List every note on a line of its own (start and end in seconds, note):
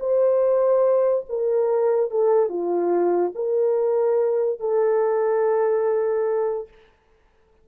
0.00 1.25 C5
1.29 2.11 A#4
2.11 2.49 A4
2.49 3.33 F4
3.35 4.60 A#4
4.60 6.68 A4